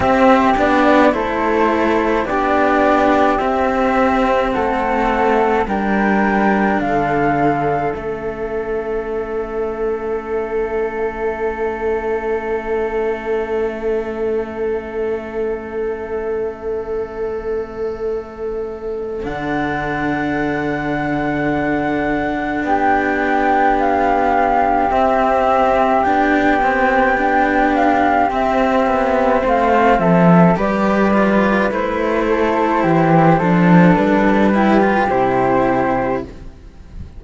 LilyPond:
<<
  \new Staff \with { instrumentName = "flute" } { \time 4/4 \tempo 4 = 53 e''8 d''8 c''4 d''4 e''4 | fis''4 g''4 f''4 e''4~ | e''1~ | e''1~ |
e''4 fis''2. | g''4 f''4 e''4 g''4~ | g''8 f''8 e''4 f''8 e''8 d''4 | c''2 b'4 c''4 | }
  \new Staff \with { instrumentName = "flute" } { \time 4/4 g'4 a'4 g'2 | a'4 ais'4 a'2~ | a'1~ | a'1~ |
a'1 | g'1~ | g'2 c''8 a'8 b'4~ | b'8 a'8 g'8 a'4 g'4. | }
  \new Staff \with { instrumentName = "cello" } { \time 4/4 c'8 d'8 e'4 d'4 c'4~ | c'4 d'2 cis'4~ | cis'1~ | cis'1~ |
cis'4 d'2.~ | d'2 c'4 d'8 c'8 | d'4 c'2 g'8 f'8 | e'4. d'4 e'16 f'16 e'4 | }
  \new Staff \with { instrumentName = "cello" } { \time 4/4 c'8 b8 a4 b4 c'4 | a4 g4 d4 a4~ | a1~ | a1~ |
a4 d2. | b2 c'4 b4~ | b4 c'8 b8 a8 f8 g4 | a4 e8 f8 g4 c4 | }
>>